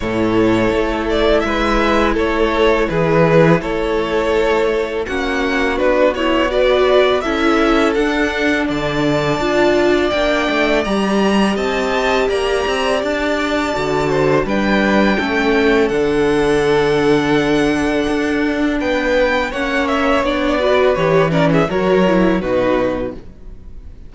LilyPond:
<<
  \new Staff \with { instrumentName = "violin" } { \time 4/4 \tempo 4 = 83 cis''4. d''8 e''4 cis''4 | b'4 cis''2 fis''4 | b'8 cis''8 d''4 e''4 fis''4 | a''2 g''4 ais''4 |
a''4 ais''4 a''2 | g''2 fis''2~ | fis''2 g''4 fis''8 e''8 | d''4 cis''8 d''16 e''16 cis''4 b'4 | }
  \new Staff \with { instrumentName = "violin" } { \time 4/4 a'2 b'4 a'4 | gis'4 a'2 fis'4~ | fis'4 b'4 a'2 | d''1 |
dis''4 d''2~ d''8 c''8 | b'4 a'2.~ | a'2 b'4 cis''4~ | cis''8 b'4 ais'16 gis'16 ais'4 fis'4 | }
  \new Staff \with { instrumentName = "viola" } { \time 4/4 e'1~ | e'2. cis'4 | d'8 e'8 fis'4 e'4 d'4~ | d'4 f'4 d'4 g'4~ |
g'2. fis'4 | d'4 cis'4 d'2~ | d'2. cis'4 | d'8 fis'8 g'8 cis'8 fis'8 e'8 dis'4 | }
  \new Staff \with { instrumentName = "cello" } { \time 4/4 a,4 a4 gis4 a4 | e4 a2 ais4 | b2 cis'4 d'4 | d4 d'4 ais8 a8 g4 |
c'4 ais8 c'8 d'4 d4 | g4 a4 d2~ | d4 d'4 b4 ais4 | b4 e4 fis4 b,4 | }
>>